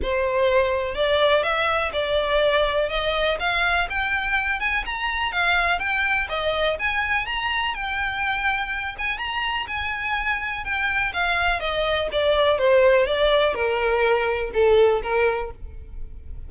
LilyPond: \new Staff \with { instrumentName = "violin" } { \time 4/4 \tempo 4 = 124 c''2 d''4 e''4 | d''2 dis''4 f''4 | g''4. gis''8 ais''4 f''4 | g''4 dis''4 gis''4 ais''4 |
g''2~ g''8 gis''8 ais''4 | gis''2 g''4 f''4 | dis''4 d''4 c''4 d''4 | ais'2 a'4 ais'4 | }